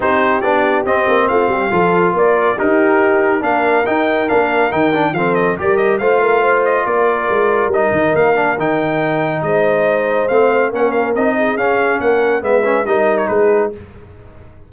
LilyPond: <<
  \new Staff \with { instrumentName = "trumpet" } { \time 4/4 \tempo 4 = 140 c''4 d''4 dis''4 f''4~ | f''4 d''4 ais'2 | f''4 g''4 f''4 g''4 | f''8 dis''8 d''8 dis''8 f''4. dis''8 |
d''2 dis''4 f''4 | g''2 dis''2 | f''4 fis''8 f''8 dis''4 f''4 | fis''4 e''4 dis''8. cis''16 b'4 | }
  \new Staff \with { instrumentName = "horn" } { \time 4/4 g'2. f'8 g'8 | a'4 ais'4 g'2 | ais'1 | a'4 ais'4 c''8 ais'8 c''4 |
ais'1~ | ais'2 c''2~ | c''4 ais'4. gis'4. | ais'4 b'4 ais'4 gis'4 | }
  \new Staff \with { instrumentName = "trombone" } { \time 4/4 dis'4 d'4 c'2 | f'2 dis'2 | d'4 dis'4 d'4 dis'8 d'8 | c'4 g'4 f'2~ |
f'2 dis'4. d'8 | dis'1 | c'4 cis'4 dis'4 cis'4~ | cis'4 b8 cis'8 dis'2 | }
  \new Staff \with { instrumentName = "tuba" } { \time 4/4 c'4 b4 c'8 ais8 a8 g8 | f4 ais4 dis'2 | ais4 dis'4 ais4 dis4 | f4 g4 a2 |
ais4 gis4 g8 dis8 ais4 | dis2 gis2 | a4 ais4 c'4 cis'4 | ais4 gis4 g4 gis4 | }
>>